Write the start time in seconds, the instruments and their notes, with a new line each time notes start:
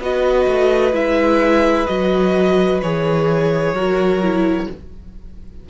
0.00 cello B3, viola F#4, violin B4 D#5
0.47 cello A3
0.93 cello G#3, viola E4, violin E5
1.87 cello F#3, viola F#4, violin D#5
2.82 cello E3, viola G#4, violin C#5
3.73 cello F#3, viola F#4, violin A#4
4.23 viola E4